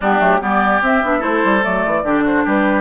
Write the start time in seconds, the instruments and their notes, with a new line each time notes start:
0.00 bassoon G3, clarinet B3, oboe D4, flute G4
0.19 bassoon F#3, clarinet A3
0.41 bassoon G3, clarinet B3, oboe G4, flute D5
0.81 bassoon C4, clarinet C4, flute E5
1.02 bassoon B3, clarinet D4
1.19 bassoon A3, clarinet E4, oboe A4, flute C5
1.43 bassoon G3
1.62 bassoon F#3, clarinet A3, flute D5
1.86 bassoon E3
2.03 bassoon D3, clarinet D4, oboe G4
2.23 oboe F#4, flute C5
2.44 bassoon G3, oboe G4, flute B4